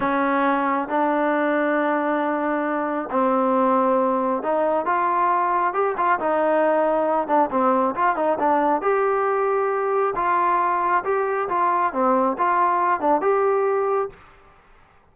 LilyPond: \new Staff \with { instrumentName = "trombone" } { \time 4/4 \tempo 4 = 136 cis'2 d'2~ | d'2. c'4~ | c'2 dis'4 f'4~ | f'4 g'8 f'8 dis'2~ |
dis'8 d'8 c'4 f'8 dis'8 d'4 | g'2. f'4~ | f'4 g'4 f'4 c'4 | f'4. d'8 g'2 | }